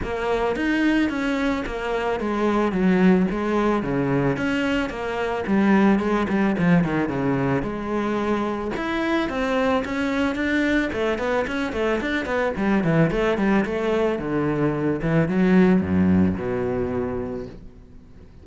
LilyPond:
\new Staff \with { instrumentName = "cello" } { \time 4/4 \tempo 4 = 110 ais4 dis'4 cis'4 ais4 | gis4 fis4 gis4 cis4 | cis'4 ais4 g4 gis8 g8 | f8 dis8 cis4 gis2 |
e'4 c'4 cis'4 d'4 | a8 b8 cis'8 a8 d'8 b8 g8 e8 | a8 g8 a4 d4. e8 | fis4 fis,4 b,2 | }